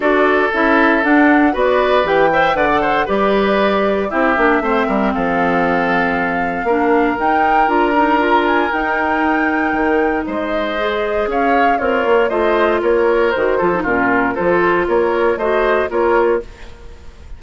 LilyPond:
<<
  \new Staff \with { instrumentName = "flute" } { \time 4/4 \tempo 4 = 117 d''4 e''4 fis''4 d''4 | g''4 fis''4 d''2 | e''2 f''2~ | f''2 g''4 ais''4~ |
ais''8 gis''8 g''2. | dis''2 f''4 cis''4 | dis''4 cis''4 c''4 ais'4 | c''4 cis''4 dis''4 cis''4 | }
  \new Staff \with { instrumentName = "oboe" } { \time 4/4 a'2. b'4~ | b'8 e''8 d''8 c''8 b'2 | g'4 c''8 ais'8 a'2~ | a'4 ais'2.~ |
ais'1 | c''2 cis''4 f'4 | c''4 ais'4. a'8 f'4 | a'4 ais'4 c''4 ais'4 | }
  \new Staff \with { instrumentName = "clarinet" } { \time 4/4 fis'4 e'4 d'4 fis'4 | g'8 c''8 b'16 a'8. g'2 | e'8 d'8 c'2.~ | c'4 d'4 dis'4 f'8 dis'8 |
f'4 dis'2.~ | dis'4 gis'2 ais'4 | f'2 fis'8 f'16 dis'16 cis'4 | f'2 fis'4 f'4 | }
  \new Staff \with { instrumentName = "bassoon" } { \time 4/4 d'4 cis'4 d'4 b4 | e4 d4 g2 | c'8 ais8 a8 g8 f2~ | f4 ais4 dis'4 d'4~ |
d'4 dis'2 dis4 | gis2 cis'4 c'8 ais8 | a4 ais4 dis8 f8 ais,4 | f4 ais4 a4 ais4 | }
>>